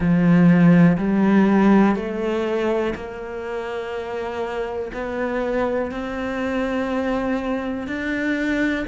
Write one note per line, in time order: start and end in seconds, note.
0.00 0.97 F3
0.97 1.95 G3
1.95 2.94 A3
2.95 4.91 A#3
4.93 5.91 B3
5.91 7.87 C4
7.87 8.85 D4